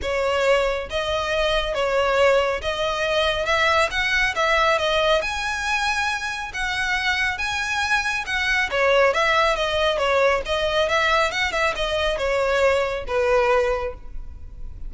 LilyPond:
\new Staff \with { instrumentName = "violin" } { \time 4/4 \tempo 4 = 138 cis''2 dis''2 | cis''2 dis''2 | e''4 fis''4 e''4 dis''4 | gis''2. fis''4~ |
fis''4 gis''2 fis''4 | cis''4 e''4 dis''4 cis''4 | dis''4 e''4 fis''8 e''8 dis''4 | cis''2 b'2 | }